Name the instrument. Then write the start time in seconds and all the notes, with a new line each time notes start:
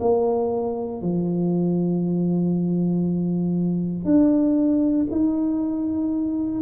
tuba
0.00 A#3
1.02 F3
4.04 D4
5.11 D#4